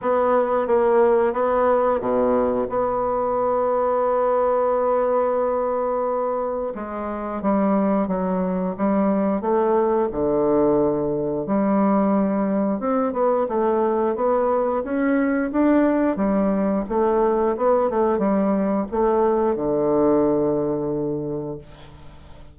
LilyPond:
\new Staff \with { instrumentName = "bassoon" } { \time 4/4 \tempo 4 = 89 b4 ais4 b4 b,4 | b1~ | b2 gis4 g4 | fis4 g4 a4 d4~ |
d4 g2 c'8 b8 | a4 b4 cis'4 d'4 | g4 a4 b8 a8 g4 | a4 d2. | }